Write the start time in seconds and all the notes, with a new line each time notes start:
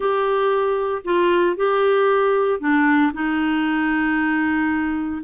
0.00 G4
1.04 F4
1.56 G4
2.59 D4
3.13 D#4